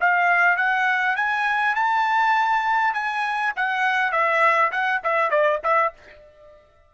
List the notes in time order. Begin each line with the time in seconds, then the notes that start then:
0.00 F5
0.57 F#5
1.16 G#5
1.75 A5
2.93 G#5
3.56 F#5
4.12 E5
4.71 F#5
5.03 E5
5.30 D5
5.63 E5